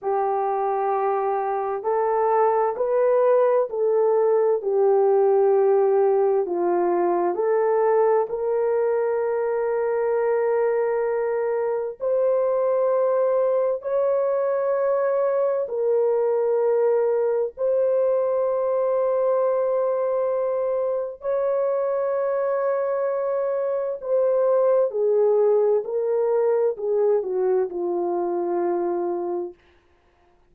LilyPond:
\new Staff \with { instrumentName = "horn" } { \time 4/4 \tempo 4 = 65 g'2 a'4 b'4 | a'4 g'2 f'4 | a'4 ais'2.~ | ais'4 c''2 cis''4~ |
cis''4 ais'2 c''4~ | c''2. cis''4~ | cis''2 c''4 gis'4 | ais'4 gis'8 fis'8 f'2 | }